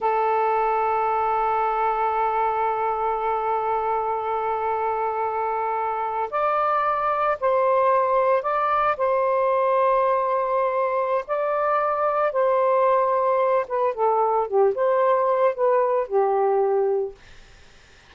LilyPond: \new Staff \with { instrumentName = "saxophone" } { \time 4/4 \tempo 4 = 112 a'1~ | a'1~ | a'2.~ a'8. d''16~ | d''4.~ d''16 c''2 d''16~ |
d''8. c''2.~ c''16~ | c''4 d''2 c''4~ | c''4. b'8 a'4 g'8 c''8~ | c''4 b'4 g'2 | }